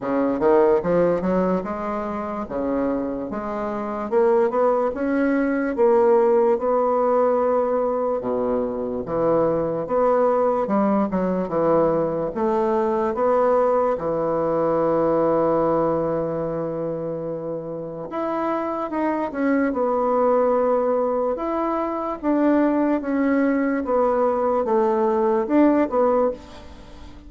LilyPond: \new Staff \with { instrumentName = "bassoon" } { \time 4/4 \tempo 4 = 73 cis8 dis8 f8 fis8 gis4 cis4 | gis4 ais8 b8 cis'4 ais4 | b2 b,4 e4 | b4 g8 fis8 e4 a4 |
b4 e2.~ | e2 e'4 dis'8 cis'8 | b2 e'4 d'4 | cis'4 b4 a4 d'8 b8 | }